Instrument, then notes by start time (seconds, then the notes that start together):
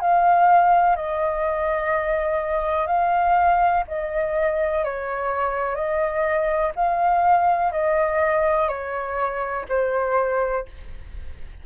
flute
0.00 F5
0.95 D#5
2.86 F5
3.87 D#5
4.84 C#5
5.74 D#5
6.75 F5
7.72 D#5
8.68 C#5
9.69 C5